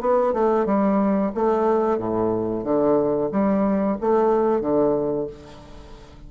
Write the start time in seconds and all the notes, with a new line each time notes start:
0.00 B3
0.33 A3
0.66 G3
1.34 A3
1.98 A2
2.64 D3
3.31 G3
4.01 A3
4.61 D3